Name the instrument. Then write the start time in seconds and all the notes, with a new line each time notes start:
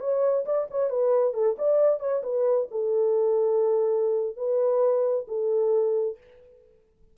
horn
0.00 C#5
0.45 D5
0.70 C#5
0.90 B4
1.34 A4
1.58 D5
1.99 C#5
2.23 B4
2.70 A4
4.36 B4
5.28 A4